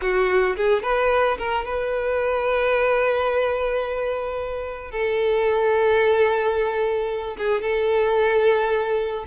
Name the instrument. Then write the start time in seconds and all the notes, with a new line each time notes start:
violin
0.01 F#4
0.56 G#4
0.83 B4
1.38 A#4
1.65 B4
4.91 A4
7.37 G#4
7.61 A4